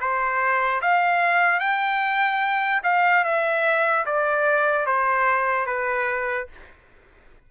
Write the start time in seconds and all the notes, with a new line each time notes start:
0.00 C5
0.81 F5
1.60 G5
2.83 F5
3.24 E5
4.06 D5
4.86 C5
5.66 B4